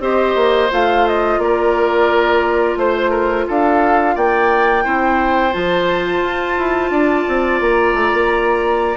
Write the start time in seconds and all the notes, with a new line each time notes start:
0.00 C4 G4 C5 D#5
0.35 A#3
0.70 A3 F4 F5
1.07 D#5
1.38 A#3 A#4 D5
2.76 A3 C5
3.10 A#4
3.47 D4 A4 F5
4.15 A#3 D5 G5
4.83 C4 E4 C5
5.52 F3 F4 A5
6.22 F4
6.58 E4
6.90 D4 D5
7.28 C4
7.60 A#3 A#5
7.94 A3
8.13 A#3